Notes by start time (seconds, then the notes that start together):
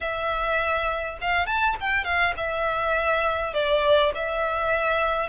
0.01 E5
1.21 F5
1.46 A5
1.80 G5
2.04 F5
2.36 E5
3.53 D5
4.14 E5